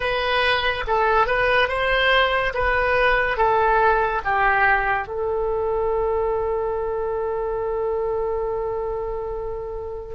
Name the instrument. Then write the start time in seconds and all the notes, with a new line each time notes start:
oboe
0.00 B4
0.87 A4
1.26 B4
1.68 C5
2.54 B4
3.36 A4
4.24 G4
5.07 A4